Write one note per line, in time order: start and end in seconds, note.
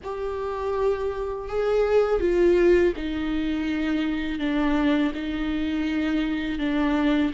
0.03 1.48 G4
1.48 2.20 G#4
2.20 2.93 F4
2.96 4.39 D#4
4.39 5.12 D4
5.14 6.58 D#4
6.58 7.31 D4